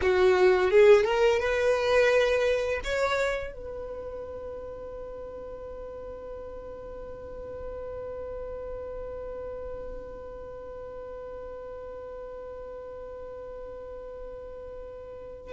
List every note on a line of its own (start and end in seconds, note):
0.01 0.71 F#4
0.71 1.04 G#4
1.04 1.39 A#4
1.39 2.80 B4
2.84 3.53 C#5
3.53 15.52 B4